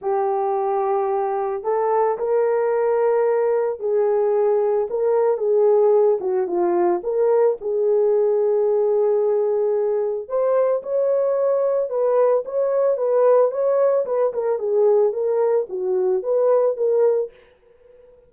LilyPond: \new Staff \with { instrumentName = "horn" } { \time 4/4 \tempo 4 = 111 g'2. a'4 | ais'2. gis'4~ | gis'4 ais'4 gis'4. fis'8 | f'4 ais'4 gis'2~ |
gis'2. c''4 | cis''2 b'4 cis''4 | b'4 cis''4 b'8 ais'8 gis'4 | ais'4 fis'4 b'4 ais'4 | }